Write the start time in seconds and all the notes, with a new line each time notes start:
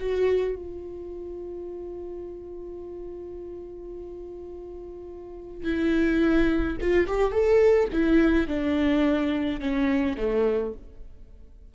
0.00 F#4
0.55 F4
5.64 E4
6.81 F4
7.07 G4
7.31 A4
7.92 E4
8.48 D4
9.60 C#4
10.17 A3